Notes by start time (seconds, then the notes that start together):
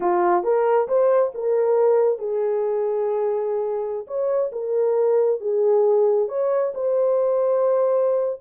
0.00 F4
0.43 A#4
0.87 C5
1.34 A#4
2.19 G#4
4.07 C#5
4.52 A#4
5.40 G#4
6.28 C#5
6.74 C5